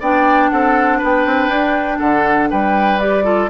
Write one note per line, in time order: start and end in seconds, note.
0.00 0.51 B3
0.00 3.00 D4
0.00 0.50 D5
0.00 0.49 G5
0.49 1.02 C4
0.49 0.98 A4
0.49 0.99 F#5
0.98 1.26 B3
0.98 1.98 B4
0.98 1.98 G5
1.26 1.48 C4
1.48 1.98 D4
1.98 2.51 D3
1.98 2.49 A4
1.98 2.48 F#5
2.50 3.49 G3
2.50 3.24 B4
2.50 3.00 G5
3.00 3.23 G4
3.00 3.49 D5
3.23 3.48 F4
3.23 3.49 A4